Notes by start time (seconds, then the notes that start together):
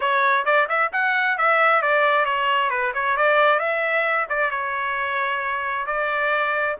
0.00 C#5
0.45 D5
0.68 E5
0.92 F#5
1.37 E5
1.82 D5
2.25 C#5
2.69 B4
2.94 C#5
3.16 D5
3.59 E5
4.29 D5
4.51 C#5
5.86 D5